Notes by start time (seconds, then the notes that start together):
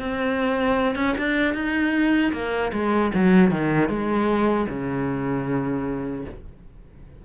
0.00 C4
0.96 C#4
1.18 D4
1.55 D#4
2.33 A#3
2.73 G#3
3.15 F#3
3.52 D#3
3.90 G#3
4.70 C#3